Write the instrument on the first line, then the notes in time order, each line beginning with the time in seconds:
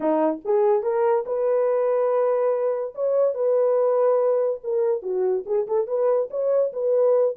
horn
0.00 D#4
0.45 G#4
0.83 A#4
1.26 B4
2.94 C#5
3.34 B4
4.63 A#4
5.02 F#4
5.45 G#4
5.67 A4
5.87 B4
6.30 C#5
6.72 B4